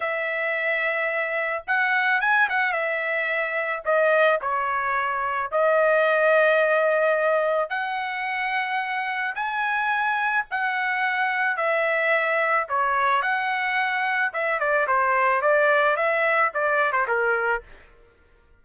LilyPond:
\new Staff \with { instrumentName = "trumpet" } { \time 4/4 \tempo 4 = 109 e''2. fis''4 | gis''8 fis''8 e''2 dis''4 | cis''2 dis''2~ | dis''2 fis''2~ |
fis''4 gis''2 fis''4~ | fis''4 e''2 cis''4 | fis''2 e''8 d''8 c''4 | d''4 e''4 d''8. c''16 ais'4 | }